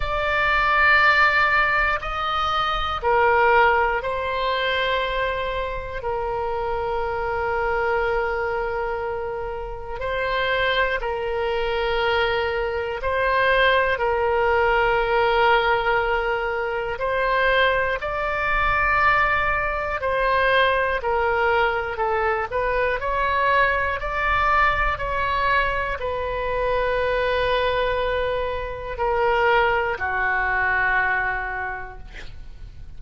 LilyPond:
\new Staff \with { instrumentName = "oboe" } { \time 4/4 \tempo 4 = 60 d''2 dis''4 ais'4 | c''2 ais'2~ | ais'2 c''4 ais'4~ | ais'4 c''4 ais'2~ |
ais'4 c''4 d''2 | c''4 ais'4 a'8 b'8 cis''4 | d''4 cis''4 b'2~ | b'4 ais'4 fis'2 | }